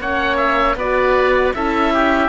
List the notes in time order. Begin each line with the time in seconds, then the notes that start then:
0.00 A#3 C#4 C#5 F#5
0.37 E5
0.75 B3 F#4 B4 D5
1.54 C#4 E4 A4 E5
1.93 G4